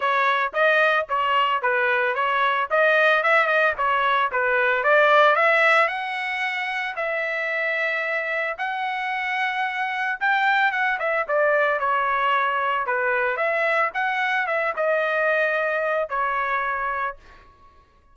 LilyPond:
\new Staff \with { instrumentName = "trumpet" } { \time 4/4 \tempo 4 = 112 cis''4 dis''4 cis''4 b'4 | cis''4 dis''4 e''8 dis''8 cis''4 | b'4 d''4 e''4 fis''4~ | fis''4 e''2. |
fis''2. g''4 | fis''8 e''8 d''4 cis''2 | b'4 e''4 fis''4 e''8 dis''8~ | dis''2 cis''2 | }